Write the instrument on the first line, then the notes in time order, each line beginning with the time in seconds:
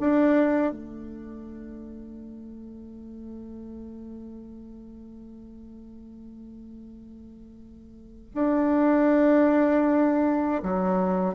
bassoon
0.00 D4
0.72 A3
8.34 D4
10.63 F#3